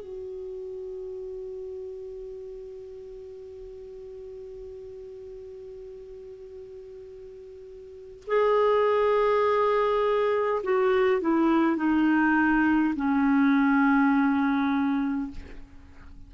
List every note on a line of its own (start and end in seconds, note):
0.00 8.24 F#4
8.27 10.62 G#4
10.64 11.21 F#4
11.21 11.76 E4
11.76 12.94 D#4
12.96 15.31 C#4